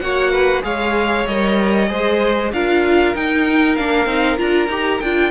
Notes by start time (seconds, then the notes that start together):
0.00 A#3 F#4 C#5 F#5
0.32 B4
0.62 G#3 G#4 C#5 F5
1.27 G3 A#4 D#5
1.88 G#3 G#4 C5
2.52 D4 F4 A#4 F5
3.15 D#4 G5
3.76 A#3 D4 F5
4.06 C4 D#4
4.38 D4 F4 A#5
4.68 D#4 G4
5.01 D4 F4 G5